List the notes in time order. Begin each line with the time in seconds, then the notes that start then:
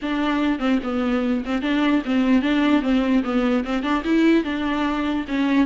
0.02 D4
0.59 C4
0.83 B3
1.45 C4
1.62 D4
2.05 C4
2.42 D4
2.82 C4
3.23 B3
3.64 C4
3.82 D4
4.04 E4
4.44 D4
5.28 C#4